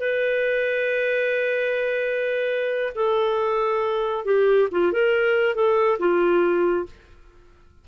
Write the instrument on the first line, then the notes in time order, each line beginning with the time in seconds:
clarinet
0.00 B4
2.95 A4
4.25 G4
4.72 F4
4.92 A#4
5.55 A4
5.99 F4